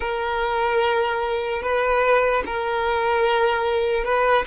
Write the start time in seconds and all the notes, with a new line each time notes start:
0.00 A#4
1.62 B4
2.45 A#4
4.04 B4